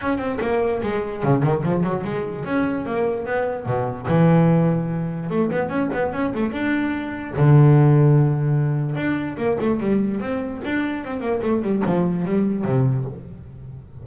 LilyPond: \new Staff \with { instrumentName = "double bass" } { \time 4/4 \tempo 4 = 147 cis'8 c'8 ais4 gis4 cis8 dis8 | f8 fis8 gis4 cis'4 ais4 | b4 b,4 e2~ | e4 a8 b8 cis'8 b8 cis'8 a8 |
d'2 d2~ | d2 d'4 ais8 a8 | g4 c'4 d'4 c'8 ais8 | a8 g8 f4 g4 c4 | }